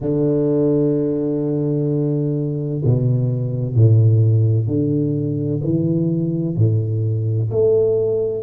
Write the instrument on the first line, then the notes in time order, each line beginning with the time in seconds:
tuba
0.00 D3
2.84 B2
3.75 A2
4.67 D3
5.63 E3
6.56 A2
7.50 A3